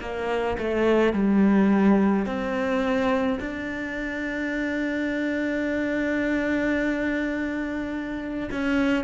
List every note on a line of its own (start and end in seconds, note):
0.00 0.57 A#3
0.58 1.13 A3
1.13 2.25 G3
2.25 3.39 C4
3.39 8.49 D4
8.51 9.04 C#4